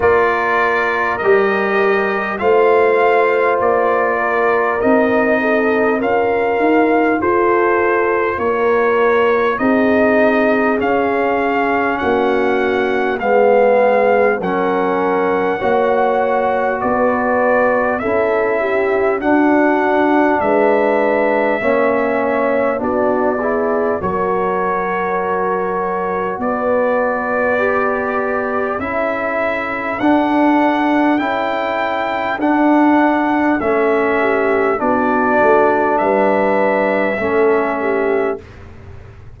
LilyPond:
<<
  \new Staff \with { instrumentName = "trumpet" } { \time 4/4 \tempo 4 = 50 d''4 dis''4 f''4 d''4 | dis''4 f''4 c''4 cis''4 | dis''4 f''4 fis''4 f''4 | fis''2 d''4 e''4 |
fis''4 e''2 d''4 | cis''2 d''2 | e''4 fis''4 g''4 fis''4 | e''4 d''4 e''2 | }
  \new Staff \with { instrumentName = "horn" } { \time 4/4 ais'2 c''4. ais'8~ | ais'8 a'8 ais'4 a'4 ais'4 | gis'2 fis'4 gis'4 | ais'4 cis''4 b'4 a'8 g'8 |
fis'4 b'4 cis''4 fis'8 gis'8 | ais'2 b'2 | a'1~ | a'8 g'8 fis'4 b'4 a'8 g'8 | }
  \new Staff \with { instrumentName = "trombone" } { \time 4/4 f'4 g'4 f'2 | dis'4 f'2. | dis'4 cis'2 b4 | cis'4 fis'2 e'4 |
d'2 cis'4 d'8 e'8 | fis'2. g'4 | e'4 d'4 e'4 d'4 | cis'4 d'2 cis'4 | }
  \new Staff \with { instrumentName = "tuba" } { \time 4/4 ais4 g4 a4 ais4 | c'4 cis'8 dis'8 f'4 ais4 | c'4 cis'4 ais4 gis4 | fis4 ais4 b4 cis'4 |
d'4 gis4 ais4 b4 | fis2 b2 | cis'4 d'4 cis'4 d'4 | a4 b8 a8 g4 a4 | }
>>